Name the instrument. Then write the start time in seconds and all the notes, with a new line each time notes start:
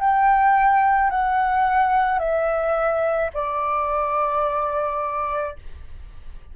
flute
0.00 G5
1.10 F#5
2.19 E5
3.34 D5